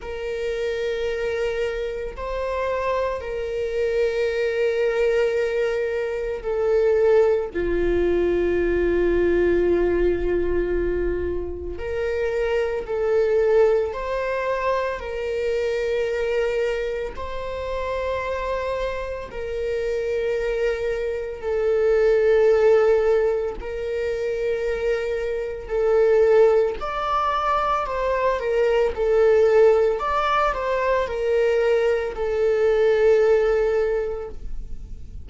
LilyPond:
\new Staff \with { instrumentName = "viola" } { \time 4/4 \tempo 4 = 56 ais'2 c''4 ais'4~ | ais'2 a'4 f'4~ | f'2. ais'4 | a'4 c''4 ais'2 |
c''2 ais'2 | a'2 ais'2 | a'4 d''4 c''8 ais'8 a'4 | d''8 c''8 ais'4 a'2 | }